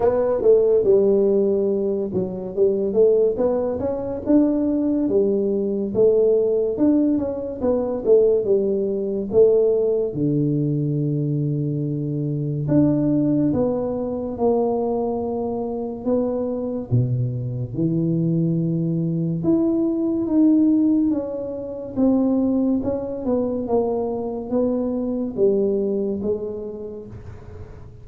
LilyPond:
\new Staff \with { instrumentName = "tuba" } { \time 4/4 \tempo 4 = 71 b8 a8 g4. fis8 g8 a8 | b8 cis'8 d'4 g4 a4 | d'8 cis'8 b8 a8 g4 a4 | d2. d'4 |
b4 ais2 b4 | b,4 e2 e'4 | dis'4 cis'4 c'4 cis'8 b8 | ais4 b4 g4 gis4 | }